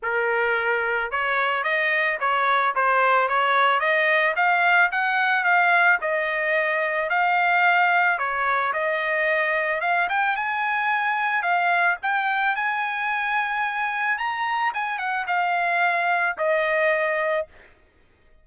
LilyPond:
\new Staff \with { instrumentName = "trumpet" } { \time 4/4 \tempo 4 = 110 ais'2 cis''4 dis''4 | cis''4 c''4 cis''4 dis''4 | f''4 fis''4 f''4 dis''4~ | dis''4 f''2 cis''4 |
dis''2 f''8 g''8 gis''4~ | gis''4 f''4 g''4 gis''4~ | gis''2 ais''4 gis''8 fis''8 | f''2 dis''2 | }